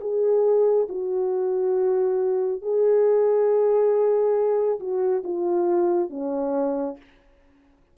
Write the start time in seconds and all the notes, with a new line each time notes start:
0.00 G#4
0.89 F#4
2.62 G#4
4.79 F#4
5.24 F4
6.09 C#4